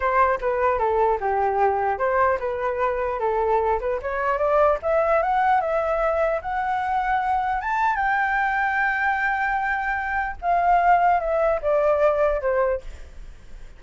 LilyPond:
\new Staff \with { instrumentName = "flute" } { \time 4/4 \tempo 4 = 150 c''4 b'4 a'4 g'4~ | g'4 c''4 b'2 | a'4. b'8 cis''4 d''4 | e''4 fis''4 e''2 |
fis''2. a''4 | g''1~ | g''2 f''2 | e''4 d''2 c''4 | }